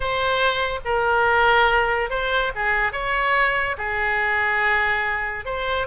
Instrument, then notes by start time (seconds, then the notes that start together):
oboe
0.00 C5
0.84 A#4
2.10 C5
2.55 G#4
2.92 C#5
3.77 G#4
5.45 C5